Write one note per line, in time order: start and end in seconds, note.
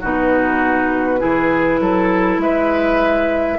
0.00 1.23 B2
0.00 1.19 D#4
0.00 1.20 F#4
0.00 2.40 B4
1.19 1.80 E3
1.19 3.58 E4
1.19 1.80 G#4
1.80 2.38 F#3
1.80 2.41 A4
2.38 3.58 G#3
2.38 3.58 B4
2.38 3.58 E5